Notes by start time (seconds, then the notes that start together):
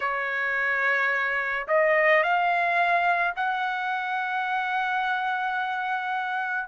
0.00 C#5
1.67 D#5
2.23 F5
3.36 F#5